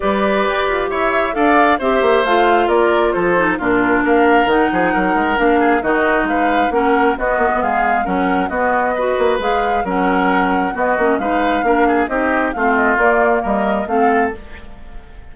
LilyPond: <<
  \new Staff \with { instrumentName = "flute" } { \time 4/4 \tempo 4 = 134 d''2 e''4 f''4 | e''4 f''4 d''4 c''4 | ais'4 f''4 fis''2 | f''4 dis''4 f''4 fis''4 |
dis''4 f''4 fis''4 dis''4~ | dis''4 f''4 fis''2 | dis''4 f''2 dis''4 | f''8 dis''8 d''4 dis''4 f''4 | }
  \new Staff \with { instrumentName = "oboe" } { \time 4/4 b'2 cis''4 d''4 | c''2 ais'4 a'4 | f'4 ais'4. gis'8 ais'4~ | ais'8 gis'8 fis'4 b'4 ais'4 |
fis'4 gis'4 ais'4 fis'4 | b'2 ais'2 | fis'4 b'4 ais'8 gis'8 g'4 | f'2 ais'4 a'4 | }
  \new Staff \with { instrumentName = "clarinet" } { \time 4/4 g'2. a'4 | g'4 f'2~ f'8 dis'8 | d'2 dis'2 | d'4 dis'2 cis'4 |
b2 cis'4 b4 | fis'4 gis'4 cis'2 | b8 cis'8 dis'4 d'4 dis'4 | c'4 ais2 c'4 | }
  \new Staff \with { instrumentName = "bassoon" } { \time 4/4 g4 g'8 f'8 e'4 d'4 | c'8 ais8 a4 ais4 f4 | ais,4 ais4 dis8 f8 fis8 gis8 | ais4 dis4 gis4 ais4 |
b8 ais16 b16 gis4 fis4 b4~ | b8 ais8 gis4 fis2 | b8 ais8 gis4 ais4 c'4 | a4 ais4 g4 a4 | }
>>